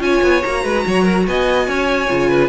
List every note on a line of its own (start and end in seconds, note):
0.00 0.21 C#4
0.00 0.42 F4
0.00 0.64 C#5
0.00 0.44 G#5
0.23 0.43 B3
0.44 0.65 A#3
0.44 2.09 F#4
0.44 1.27 A#5
0.64 0.85 G#3
0.64 0.85 B4
0.87 1.28 F#3
0.87 1.04 C#5
1.04 1.24 A#4
1.28 1.68 B3
1.28 1.68 D#5
1.28 2.49 G#5
1.68 2.09 C#4
1.68 2.30 C#5
2.09 2.49 C#3
2.09 2.49 F4
2.30 2.49 B4